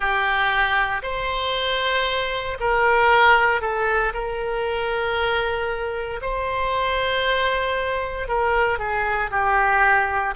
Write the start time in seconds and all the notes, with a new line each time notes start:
0.00 G4
1.02 C5
2.60 A#4
3.61 A4
4.13 A#4
6.21 C5
8.28 A#4
8.78 G#4
9.31 G4